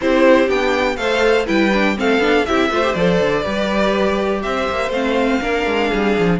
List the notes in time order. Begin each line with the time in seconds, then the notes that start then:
0.01 C4 E4 G4 C5
0.47 B3 D4 G5
0.96 A3 A4 C5 F5
1.46 G3 E4 B4 G5
1.73 D4
1.96 A3 C4 A4 F5
2.18 B3 D4
2.45 C4 E4 G4 E5
2.69 A3 F4 C5
2.82 G4
2.94 F3 A4 D5
3.20 D3
3.42 G3 G4 B4
4.42 C4 C5 E5
4.69 A#3
4.90 A3 C4 F5
5.41 A#3 D4 A#4
5.66 G#3
5.89 G3 G#4
6.18 F3